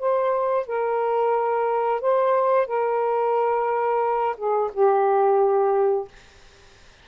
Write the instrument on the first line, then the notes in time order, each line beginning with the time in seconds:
saxophone
0.00 C5
0.67 A#4
2.02 C5
2.68 A#4
4.38 G#4
4.74 G4